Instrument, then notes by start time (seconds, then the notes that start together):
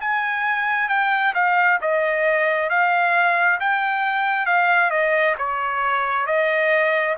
trumpet
0.00 G#5
0.88 G5
1.34 F5
1.81 D#5
2.69 F5
3.60 G5
4.46 F5
4.90 D#5
5.38 C#5
6.26 D#5